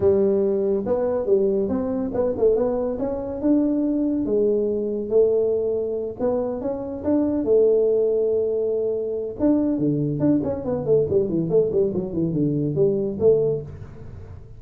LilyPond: \new Staff \with { instrumentName = "tuba" } { \time 4/4 \tempo 4 = 141 g2 b4 g4 | c'4 b8 a8 b4 cis'4 | d'2 gis2 | a2~ a8 b4 cis'8~ |
cis'8 d'4 a2~ a8~ | a2 d'4 d4 | d'8 cis'8 b8 a8 g8 e8 a8 g8 | fis8 e8 d4 g4 a4 | }